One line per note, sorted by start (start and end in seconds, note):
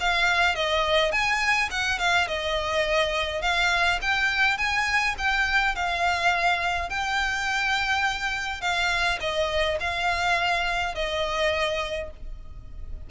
0.00 0.55 F5
0.55 1.11 D#5
1.11 1.69 G#5
1.71 1.99 F#5
1.99 2.27 F5
2.27 3.42 D#5
3.42 3.99 F5
4.01 4.57 G5
4.57 5.15 G#5
5.18 5.75 G5
5.75 6.89 F5
6.89 8.61 G5
8.61 9.19 F5
9.20 9.78 D#5
9.80 10.95 F5
10.95 12.10 D#5